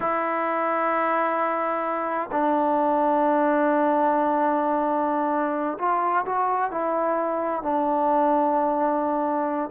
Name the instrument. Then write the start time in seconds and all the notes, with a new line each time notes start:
trombone
0.00 E4
2.31 D4
5.78 F4
6.25 F#4
6.71 E4
7.62 D4